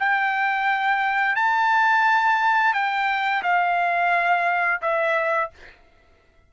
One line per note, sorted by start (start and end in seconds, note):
0.00 1.36 G5
1.36 2.74 A5
2.74 3.43 G5
3.43 4.81 F5
4.82 5.51 E5